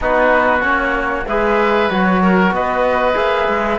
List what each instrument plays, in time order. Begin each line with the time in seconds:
0.01 cello B3, trombone D#4, oboe F#4, flute B4
0.61 cello A#3, trombone C#4, flute C#5
1.26 cello G#3, trombone G#4, oboe B4, flute E5
1.89 cello F#3, trombone F#4, flute C#5
2.22 oboe A#4
2.51 cello B3, oboe B4, flute D#5
3.13 cello A#3, trombone G#4, flute E5
3.48 cello G#3